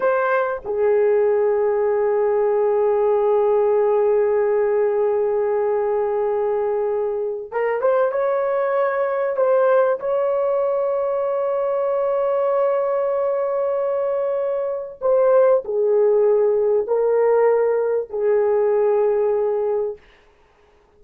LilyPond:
\new Staff \with { instrumentName = "horn" } { \time 4/4 \tempo 4 = 96 c''4 gis'2.~ | gis'1~ | gis'1 | ais'8 c''8 cis''2 c''4 |
cis''1~ | cis''1 | c''4 gis'2 ais'4~ | ais'4 gis'2. | }